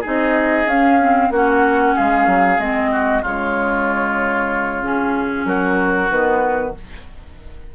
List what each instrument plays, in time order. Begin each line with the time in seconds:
0.00 clarinet D#4, oboe G#4, flute D#5
0.07 bassoon C4
0.65 bassoon C#4, flute F5
0.71 clarinet C#4
1.00 clarinet C4
1.30 bassoon A#3, clarinet C#4, oboe F#4, flute F#5
1.95 bassoon G#3, oboe G#4, flute F5
2.26 bassoon F#3
2.58 bassoon G#3, clarinet C4, flute D#5
2.91 oboe F#4
3.22 bassoon C#3, clarinet G#3, oboe F4, flute C#5
4.81 clarinet C#4, flute G#4
5.45 bassoon F#3, oboe F#4, flute A#4
6.10 bassoon D#3, clarinet B3, flute B4